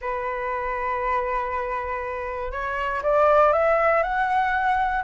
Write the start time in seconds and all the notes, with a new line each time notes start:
0.01 B4
2.51 C#5
3.02 D5
3.52 E5
4.02 F#5